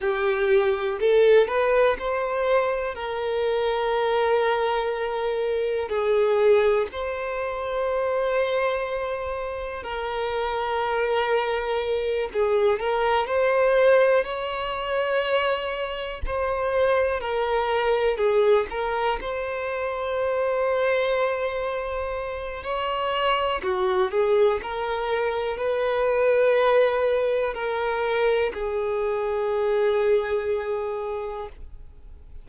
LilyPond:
\new Staff \with { instrumentName = "violin" } { \time 4/4 \tempo 4 = 61 g'4 a'8 b'8 c''4 ais'4~ | ais'2 gis'4 c''4~ | c''2 ais'2~ | ais'8 gis'8 ais'8 c''4 cis''4.~ |
cis''8 c''4 ais'4 gis'8 ais'8 c''8~ | c''2. cis''4 | fis'8 gis'8 ais'4 b'2 | ais'4 gis'2. | }